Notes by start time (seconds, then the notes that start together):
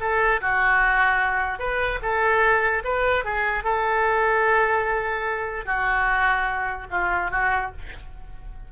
0.00 A4
0.41 F#4
1.59 B4
2.02 A4
2.84 B4
3.24 G#4
3.64 A4
5.65 F#4
6.90 F4
7.31 F#4